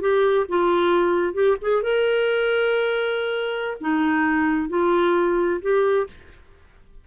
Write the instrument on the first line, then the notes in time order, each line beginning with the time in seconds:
clarinet
0.00 G4
0.48 F4
1.33 G4
1.61 G#4
1.82 A#4
3.80 D#4
4.69 F4
5.61 G4